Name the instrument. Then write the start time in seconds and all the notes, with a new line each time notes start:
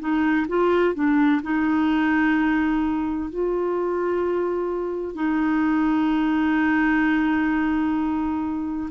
clarinet
0.00 D#4
0.49 F4
0.95 D4
1.43 D#4
3.30 F4
5.15 D#4